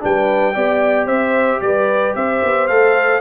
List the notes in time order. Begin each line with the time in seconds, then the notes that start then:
0.00 G3 D4 B4 G5
0.54 B3 G4 D5
1.06 C4 C5 E5
1.61 G3 B4 D5
2.15 C4 C5 E5
2.44 B3
2.67 A3 A4 F5